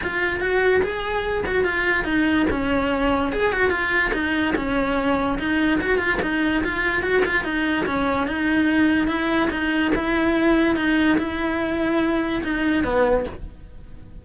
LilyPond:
\new Staff \with { instrumentName = "cello" } { \time 4/4 \tempo 4 = 145 f'4 fis'4 gis'4. fis'8 | f'4 dis'4 cis'2 | gis'8 fis'8 f'4 dis'4 cis'4~ | cis'4 dis'4 fis'8 f'8 dis'4 |
f'4 fis'8 f'8 dis'4 cis'4 | dis'2 e'4 dis'4 | e'2 dis'4 e'4~ | e'2 dis'4 b4 | }